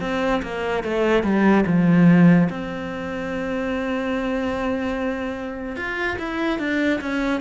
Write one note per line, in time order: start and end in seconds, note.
0.00 0.41 C4
0.42 0.83 A#3
0.83 1.23 A3
1.23 1.64 G3
1.66 2.48 F3
2.49 5.76 C4
5.76 6.17 F4
6.18 6.59 E4
6.59 7.00 D4
7.00 7.40 C#4